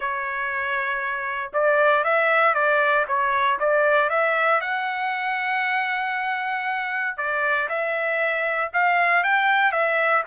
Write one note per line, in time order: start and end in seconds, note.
0.00 1.51 C#5
1.53 2.04 D5
2.04 2.54 E5
2.54 3.05 D5
3.07 3.59 C#5
3.59 4.09 D5
4.09 4.60 E5
4.60 7.17 F#5
7.17 7.68 D5
7.68 8.71 E5
8.73 9.23 F5
9.23 9.72 G5
9.72 10.23 E5